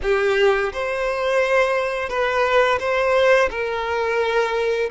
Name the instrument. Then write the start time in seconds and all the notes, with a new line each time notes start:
violin
0.02 G4
0.72 C5
2.09 B4
2.79 C5
3.50 A#4